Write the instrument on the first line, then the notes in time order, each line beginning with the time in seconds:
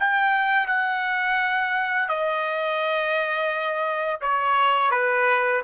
trumpet
0.00 G5
0.68 F#5
2.09 D#5
4.21 C#5
4.91 B4